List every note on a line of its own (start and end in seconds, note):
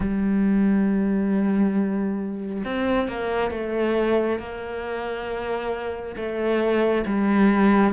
0.00 2.63 G3
2.64 3.08 C4
3.08 3.51 A#3
3.51 4.39 A3
4.39 6.15 A#3
6.16 7.04 A3
7.05 7.93 G3